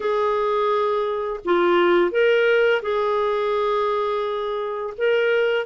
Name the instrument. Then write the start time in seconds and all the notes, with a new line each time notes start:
clarinet
0.00 G#4
1.45 F4
2.11 A#4
2.82 G#4
4.97 A#4